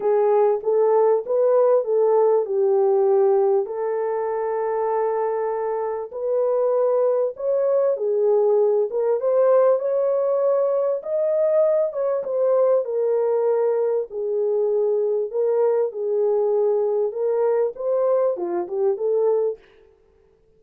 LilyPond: \new Staff \with { instrumentName = "horn" } { \time 4/4 \tempo 4 = 98 gis'4 a'4 b'4 a'4 | g'2 a'2~ | a'2 b'2 | cis''4 gis'4. ais'8 c''4 |
cis''2 dis''4. cis''8 | c''4 ais'2 gis'4~ | gis'4 ais'4 gis'2 | ais'4 c''4 f'8 g'8 a'4 | }